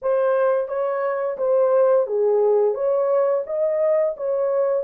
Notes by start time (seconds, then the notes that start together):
0.02 C5
0.68 C#5
1.37 C5
2.07 G#4
2.74 C#5
3.46 D#5
4.16 C#5